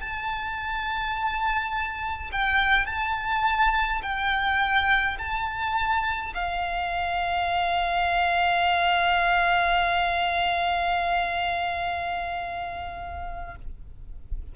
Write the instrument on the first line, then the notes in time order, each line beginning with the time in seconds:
violin
0.00 A5
2.32 G5
2.86 A5
4.02 G5
5.18 A5
6.35 F5